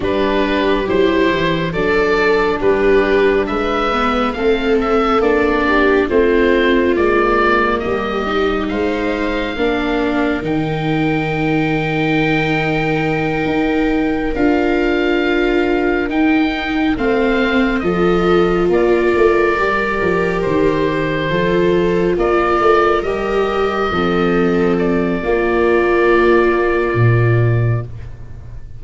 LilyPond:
<<
  \new Staff \with { instrumentName = "oboe" } { \time 4/4 \tempo 4 = 69 b'4 c''4 d''4 b'4 | e''4 f''8 e''8 d''4 c''4 | d''4 dis''4 f''2 | g''1~ |
g''8 f''2 g''4 f''8~ | f''8 dis''4 d''2 c''8~ | c''4. d''4 dis''4.~ | dis''8 d''2.~ d''8 | }
  \new Staff \with { instrumentName = "viola" } { \time 4/4 g'2 a'4 g'4 | b'4 a'4. g'8 f'4~ | f'4 g'4 c''4 ais'4~ | ais'1~ |
ais'2.~ ais'8 c''8~ | c''8 a'4 ais'2~ ais'8~ | ais'8 a'4 ais'2 a'8~ | a'4 f'2. | }
  \new Staff \with { instrumentName = "viola" } { \time 4/4 d'4 e'4 d'2~ | d'8 b8 c'4 d'4 c'4 | ais4. dis'4. d'4 | dis'1~ |
dis'8 f'2 dis'4 c'8~ | c'8 f'2 g'4.~ | g'8 f'2 g'4 c'8~ | c'4 ais2. | }
  \new Staff \with { instrumentName = "tuba" } { \time 4/4 g4 fis8 e8 fis4 g4 | gis4 a4 ais4 a4 | gis4 g4 gis4 ais4 | dis2.~ dis8 dis'8~ |
dis'8 d'2 dis'4 a8~ | a8 f4 ais8 a8 g8 f8 dis8~ | dis8 f4 ais8 a8 g4 f8~ | f4 ais2 ais,4 | }
>>